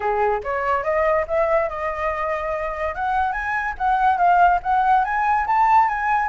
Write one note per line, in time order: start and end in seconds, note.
0.00 0.41 G#4
0.43 0.83 C#5
0.83 1.25 D#5
1.27 1.69 E5
1.69 2.94 D#5
2.94 3.32 F#5
3.32 3.74 G#5
3.78 4.17 F#5
4.17 4.59 F5
4.62 5.04 F#5
5.04 5.46 G#5
5.46 5.88 A5
5.88 6.28 G#5